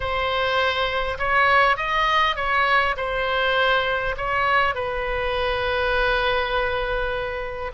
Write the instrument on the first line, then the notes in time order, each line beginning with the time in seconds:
oboe
0.00 C5
1.18 C#5
1.77 D#5
2.36 C#5
2.96 C5
4.17 C#5
4.74 B4